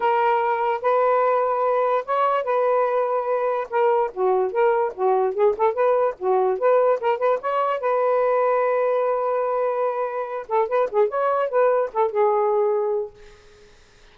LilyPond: \new Staff \with { instrumentName = "saxophone" } { \time 4/4 \tempo 4 = 146 ais'2 b'2~ | b'4 cis''4 b'2~ | b'4 ais'4 fis'4 ais'4 | fis'4 gis'8 a'8 b'4 fis'4 |
b'4 ais'8 b'8 cis''4 b'4~ | b'1~ | b'4. a'8 b'8 gis'8 cis''4 | b'4 a'8 gis'2~ gis'8 | }